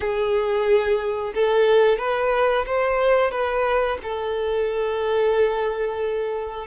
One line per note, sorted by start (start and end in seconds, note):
0.00 1.33 G#4
1.34 1.98 A4
1.98 2.65 B4
2.65 3.31 C5
3.31 3.98 B4
4.02 6.66 A4